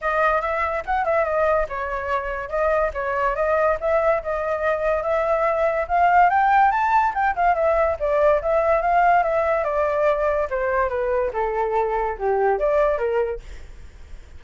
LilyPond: \new Staff \with { instrumentName = "flute" } { \time 4/4 \tempo 4 = 143 dis''4 e''4 fis''8 e''8 dis''4 | cis''2 dis''4 cis''4 | dis''4 e''4 dis''2 | e''2 f''4 g''4 |
a''4 g''8 f''8 e''4 d''4 | e''4 f''4 e''4 d''4~ | d''4 c''4 b'4 a'4~ | a'4 g'4 d''4 ais'4 | }